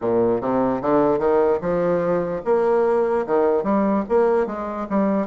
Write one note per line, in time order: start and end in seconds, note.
0.01 0.41 A#2
0.41 0.81 C3
0.81 1.18 D3
1.18 1.59 D#3
1.61 2.42 F3
2.45 3.26 A#3
3.26 3.63 D#3
3.63 4.04 G3
4.08 4.46 A#3
4.46 4.86 G#3
4.89 5.27 G3